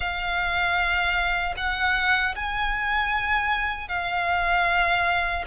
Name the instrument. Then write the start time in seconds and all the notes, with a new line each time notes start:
violin
0.00 F5
1.56 F#5
2.35 G#5
3.88 F5